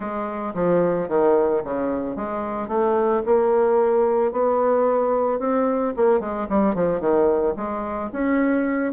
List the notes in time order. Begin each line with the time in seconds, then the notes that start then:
0.00 G#3
0.54 F3
1.08 D#3
1.64 C#3
2.15 G#3
2.68 A3
3.25 A#3
4.32 B3
5.39 C4
5.96 A#3
6.20 G#3
6.49 G3
6.74 F3
7.00 D#3
7.56 G#3
8.12 C#4